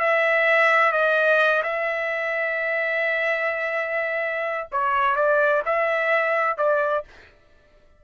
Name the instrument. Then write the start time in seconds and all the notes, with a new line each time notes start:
trumpet
0.00 E5
0.92 D#5
1.63 E5
4.72 C#5
5.16 D5
5.65 E5
6.58 D5